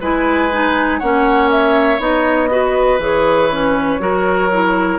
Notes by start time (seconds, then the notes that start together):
0.00 G#3 E4 B4 G#5
0.51 D#4
0.98 A#3 C#4 C#5 F#5
1.50 E5
1.98 B3 D#4 D#5
2.49 F#4 B4
2.98 E3 G#4 C#5
3.50 C#4
3.99 F#3 F#4 A#4
4.52 E4